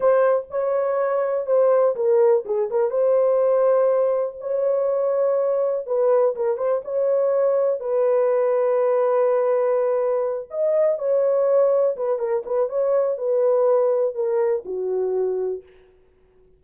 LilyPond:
\new Staff \with { instrumentName = "horn" } { \time 4/4 \tempo 4 = 123 c''4 cis''2 c''4 | ais'4 gis'8 ais'8 c''2~ | c''4 cis''2. | b'4 ais'8 c''8 cis''2 |
b'1~ | b'4. dis''4 cis''4.~ | cis''8 b'8 ais'8 b'8 cis''4 b'4~ | b'4 ais'4 fis'2 | }